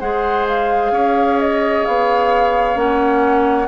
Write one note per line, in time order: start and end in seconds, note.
0.00 0.92 G#3
0.00 2.75 G#4
0.00 0.92 C5
0.00 0.46 F#5
0.48 1.40 F5
0.92 1.84 C#4
0.92 3.69 C#5
1.40 1.86 D#5
1.86 2.76 B3
1.86 2.78 F5
2.75 3.68 A#3
2.75 3.67 C#4
2.75 3.69 F#5